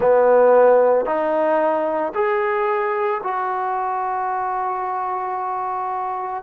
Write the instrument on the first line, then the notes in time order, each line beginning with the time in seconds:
trombone
0.00 B3
1.05 D#4
2.14 G#4
3.23 F#4